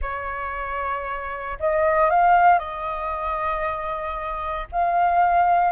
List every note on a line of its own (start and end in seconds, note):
0.01 1.58 C#5
1.59 2.10 D#5
2.10 2.58 F5
2.58 4.67 D#5
4.71 5.71 F5